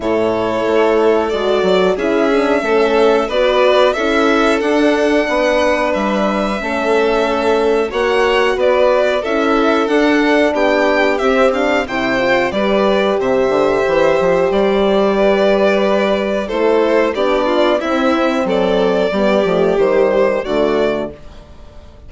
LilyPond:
<<
  \new Staff \with { instrumentName = "violin" } { \time 4/4 \tempo 4 = 91 cis''2 d''4 e''4~ | e''4 d''4 e''4 fis''4~ | fis''4 e''2. | fis''4 d''4 e''4 fis''4 |
g''4 e''8 f''8 g''4 d''4 | e''2 d''2~ | d''4 c''4 d''4 e''4 | d''2 c''4 d''4 | }
  \new Staff \with { instrumentName = "violin" } { \time 4/4 a'2. gis'4 | a'4 b'4 a'2 | b'2 a'2 | cis''4 b'4 a'2 |
g'2 c''4 b'4 | c''2. b'4~ | b'4 a'4 g'8 f'8 e'4 | a'4 g'2 fis'4 | }
  \new Staff \with { instrumentName = "horn" } { \time 4/4 e'2 fis'4 e'8 d'8 | cis'4 fis'4 e'4 d'4~ | d'2 cis'2 | fis'2 e'4 d'4~ |
d'4 c'8 d'8 e'8 f'8 g'4~ | g'1~ | g'4 e'4 d'4 c'4~ | c'4 b8 a8 g4 a4 | }
  \new Staff \with { instrumentName = "bassoon" } { \time 4/4 a,4 a4 gis8 fis8 cis'4 | a4 b4 cis'4 d'4 | b4 g4 a2 | ais4 b4 cis'4 d'4 |
b4 c'4 c4 g4 | c8 d8 e8 f8 g2~ | g4 a4 b4 c'4 | fis4 g8 f8 dis4 d4 | }
>>